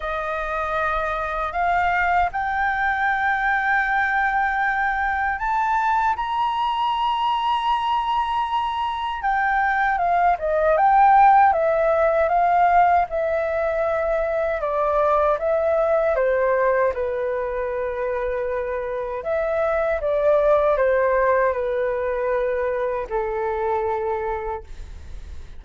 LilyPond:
\new Staff \with { instrumentName = "flute" } { \time 4/4 \tempo 4 = 78 dis''2 f''4 g''4~ | g''2. a''4 | ais''1 | g''4 f''8 dis''8 g''4 e''4 |
f''4 e''2 d''4 | e''4 c''4 b'2~ | b'4 e''4 d''4 c''4 | b'2 a'2 | }